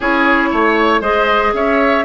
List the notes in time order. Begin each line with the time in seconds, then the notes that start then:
0.00 C#4 E4 G#4 C#5
0.51 A3 C#5
1.01 G#3 G#4 C5 D#5
1.53 C#4 C#5 E5